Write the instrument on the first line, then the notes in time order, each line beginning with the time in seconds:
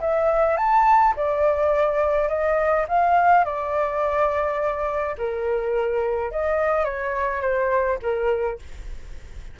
flute
0.00 E5
0.57 A5
1.16 D5
2.29 D#5
2.88 F5
3.44 D5
5.18 A#4
6.31 D#5
6.85 C#5
7.42 C5
8.02 A#4